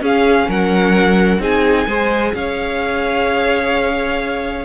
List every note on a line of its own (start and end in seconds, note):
0.00 0.47 C#4
0.00 1.40 C#4
0.00 0.48 G#4
0.00 0.50 F5
0.48 1.39 F#3
0.48 1.40 A#4
0.48 1.42 F#5
1.39 1.85 C4
1.39 1.86 D#4
1.39 1.87 G#4
1.39 2.34 G#5
1.87 2.33 G#3
1.87 4.65 G#4
1.87 2.33 C5
2.34 4.65 C#4
2.34 4.65 C#5
2.34 4.65 F5